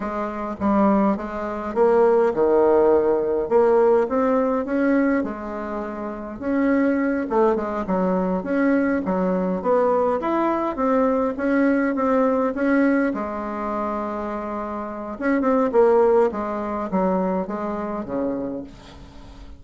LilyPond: \new Staff \with { instrumentName = "bassoon" } { \time 4/4 \tempo 4 = 103 gis4 g4 gis4 ais4 | dis2 ais4 c'4 | cis'4 gis2 cis'4~ | cis'8 a8 gis8 fis4 cis'4 fis8~ |
fis8 b4 e'4 c'4 cis'8~ | cis'8 c'4 cis'4 gis4.~ | gis2 cis'8 c'8 ais4 | gis4 fis4 gis4 cis4 | }